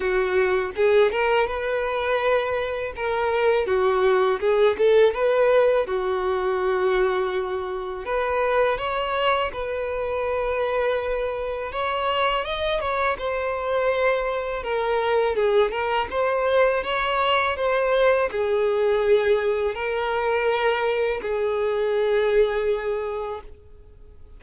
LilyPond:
\new Staff \with { instrumentName = "violin" } { \time 4/4 \tempo 4 = 82 fis'4 gis'8 ais'8 b'2 | ais'4 fis'4 gis'8 a'8 b'4 | fis'2. b'4 | cis''4 b'2. |
cis''4 dis''8 cis''8 c''2 | ais'4 gis'8 ais'8 c''4 cis''4 | c''4 gis'2 ais'4~ | ais'4 gis'2. | }